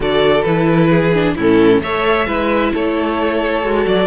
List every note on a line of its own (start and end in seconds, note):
0.00 0.43 D3
0.00 0.45 F#4
0.00 0.89 A4
0.00 0.42 D5
0.42 1.37 E3
0.42 1.13 E4
0.42 1.33 B4
0.89 1.34 G#4
1.13 1.36 D4
1.35 1.81 A2
1.35 1.83 C#4
1.35 1.81 E4
1.35 1.81 A4
1.81 2.26 A3
1.81 2.26 A4
1.81 2.26 C#5
1.81 2.72 E5
2.26 2.73 G#3
2.26 3.62 E4
2.26 2.72 B4
2.73 3.63 A3
2.73 4.07 A4
2.73 3.86 C#5
3.62 3.86 G#3
3.62 4.07 F#4
3.86 4.07 F#3
3.86 4.07 D5